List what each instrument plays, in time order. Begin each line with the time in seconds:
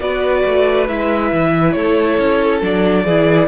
0.00 cello B3, viola F#4, violin B4 D5
0.46 cello A3
0.88 cello G#3, viola E4, violin E5
1.33 cello E3
1.72 cello A3, violin A4 C#5
2.19 cello C#4
2.62 cello F#3, viola D4, violin D5
3.05 cello E3, viola E4, violin G#4